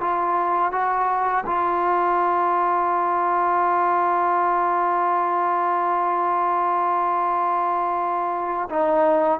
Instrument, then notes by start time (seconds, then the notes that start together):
trombone
0.00 F4
0.72 F#4
1.46 F4
8.69 D#4